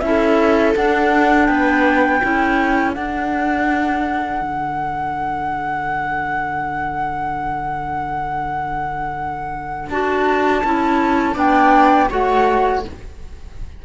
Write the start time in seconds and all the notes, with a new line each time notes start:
0.00 C#4 E4 E5
0.06 A4
0.75 D4 F#5
1.46 B3 B4 G5
2.22 C#4 E4 A4
2.94 D4 F#5
4.42 D3
9.90 D4 F#4 A5
10.64 C#4 E4
11.34 B3 D4 D5 G5
12.10 A3 F#4 C#5 F#5